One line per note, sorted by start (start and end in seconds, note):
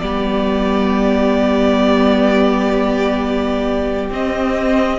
0.00 4.10 G3
0.00 4.11 B3
0.00 4.99 G4
0.00 4.09 D5
4.10 4.99 C4
4.10 4.99 D#5